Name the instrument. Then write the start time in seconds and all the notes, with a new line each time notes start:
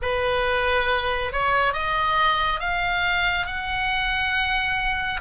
oboe
0.02 B4
1.32 C#5
1.73 D#5
2.59 F5
3.46 F#5